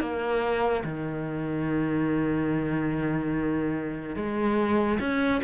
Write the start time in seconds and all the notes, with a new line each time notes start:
0.00 A#3
0.84 D#3
4.15 G#3
4.99 C#4